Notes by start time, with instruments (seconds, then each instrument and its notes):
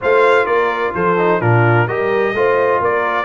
0.01 tuba A3, trombone F4, horn C5, trumpet F5
0.45 tuba A#3, horn A#4, trumpet D5
0.94 tuba F3, horn A4, trumpet C5
1.17 trombone D#4
1.41 tuba A#2, trombone D4, horn F4, trumpet A#4
1.86 tuba G3, trombone G4, horn A#4, trumpet D#5
2.33 tuba A3, trombone F4, horn C5
2.80 tuba A#3, horn A#4, trumpet D5